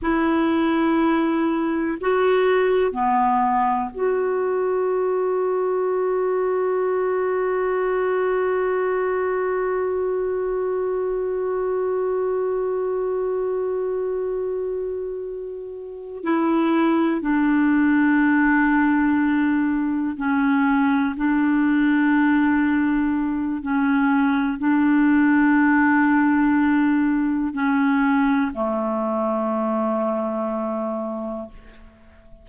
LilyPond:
\new Staff \with { instrumentName = "clarinet" } { \time 4/4 \tempo 4 = 61 e'2 fis'4 b4 | fis'1~ | fis'1~ | fis'1~ |
fis'8 e'4 d'2~ d'8~ | d'8 cis'4 d'2~ d'8 | cis'4 d'2. | cis'4 a2. | }